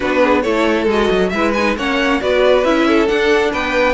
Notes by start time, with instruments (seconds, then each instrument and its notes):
0.00 cello B3, viola D4, violin F#4 B4
0.23 violin G#4
0.42 cello A3, viola E4, violin A4 C#5
0.87 cello G#3, viola F#4, violin D#5
1.10 cello F#3
1.29 cello G#3, viola E4, violin B4 E5
1.53 viola D#4, violin G#5
1.76 cello A#3, viola C#4, violin C#5 F#5
2.20 cello B3, viola F#4, violin B4 D5
2.64 cello C#4, viola E4, violin E5
2.87 violin A4
3.06 viola D4, cello D4, violin F#5
3.51 cello B3, violin B4 G5